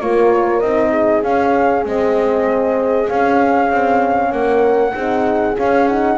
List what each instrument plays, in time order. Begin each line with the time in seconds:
0.00 double bass A#3, horn F4 A#4, flute C#5
0.59 double bass C4, horn D#4, flute D#5
0.90 horn G#4
1.23 double bass C#4, horn C#4, flute F5
1.83 double bass G#3, horn C4, flute D#5
3.07 horn C#4, double bass C#4, flute F5
3.70 double bass C4
4.31 double bass A#3, horn A#4, flute F#5
4.94 double bass C4, horn D#4 G#4
5.54 horn C#4, double bass C#4, flute F5
5.87 horn D#4, flute F#5